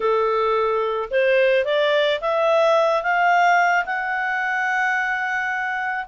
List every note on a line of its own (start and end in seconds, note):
0.00 1.09 A4
1.10 1.65 C5
1.65 2.20 D5
2.20 3.03 E5
3.03 3.85 F5
3.85 6.06 F#5